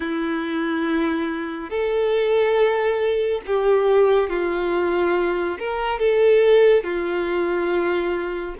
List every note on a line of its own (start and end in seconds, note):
0.00 1.69 E4
1.69 3.41 A4
3.46 4.29 G4
4.29 5.58 F4
5.58 5.99 A#4
5.99 6.83 A4
6.83 8.54 F4